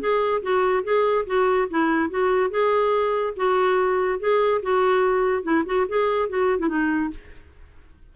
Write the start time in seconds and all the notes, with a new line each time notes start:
0.00 G#4
0.43 F#4
0.84 G#4
1.27 F#4
1.70 E4
2.10 F#4
2.50 G#4
3.37 F#4
4.20 G#4
4.62 F#4
5.43 E4
5.66 F#4
5.89 G#4
6.29 F#4
6.60 E4
6.69 D#4